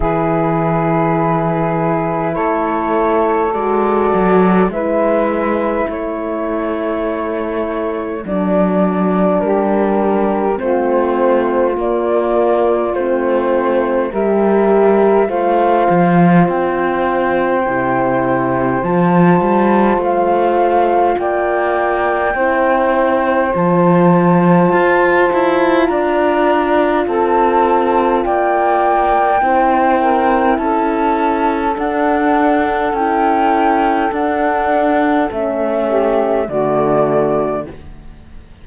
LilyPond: <<
  \new Staff \with { instrumentName = "flute" } { \time 4/4 \tempo 4 = 51 b'2 cis''4 d''4 | e''4 cis''2 d''4 | ais'4 c''4 d''4 c''4 | e''4 f''4 g''2 |
a''4 f''4 g''2 | a''2 ais''4 a''4 | g''2 a''4 fis''4 | g''4 fis''4 e''4 d''4 | }
  \new Staff \with { instrumentName = "saxophone" } { \time 4/4 gis'2 a'2 | b'4 a'2. | g'4 f'2. | ais'4 c''2.~ |
c''2 d''4 c''4~ | c''2 d''4 a'4 | d''4 c''8 ais'8 a'2~ | a'2~ a'8 g'8 fis'4 | }
  \new Staff \with { instrumentName = "horn" } { \time 4/4 e'2. fis'4 | e'2. d'4~ | d'4 c'4 ais4 c'4 | g'4 f'2 e'4 |
f'2. e'4 | f'1~ | f'4 e'2 d'4 | e'4 d'4 cis'4 a4 | }
  \new Staff \with { instrumentName = "cello" } { \time 4/4 e2 a4 gis8 fis8 | gis4 a2 fis4 | g4 a4 ais4 a4 | g4 a8 f8 c'4 c4 |
f8 g8 a4 ais4 c'4 | f4 f'8 e'8 d'4 c'4 | ais4 c'4 cis'4 d'4 | cis'4 d'4 a4 d4 | }
>>